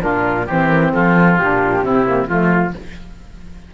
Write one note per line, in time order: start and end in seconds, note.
0.00 0.49 A#2
0.00 0.45 D4
0.00 0.46 F4
0.00 0.47 A#4
0.46 0.94 E3
0.46 1.40 C4
0.46 0.92 G4
0.46 0.68 C5
0.68 0.90 A#4
0.93 1.39 F3
0.93 1.85 F4
0.93 1.38 A4
1.38 1.82 A#2
1.38 1.86 D4
1.38 2.27 G4
1.82 2.28 C3
1.82 2.06 C4
1.82 2.28 E4
2.06 2.27 A#3
2.27 2.74 F3
2.27 2.73 A3
2.27 2.73 F4
2.27 2.74 F4